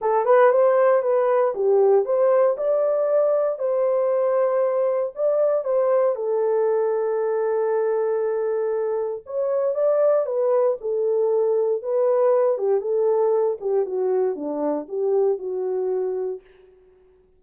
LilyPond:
\new Staff \with { instrumentName = "horn" } { \time 4/4 \tempo 4 = 117 a'8 b'8 c''4 b'4 g'4 | c''4 d''2 c''4~ | c''2 d''4 c''4 | a'1~ |
a'2 cis''4 d''4 | b'4 a'2 b'4~ | b'8 g'8 a'4. g'8 fis'4 | d'4 g'4 fis'2 | }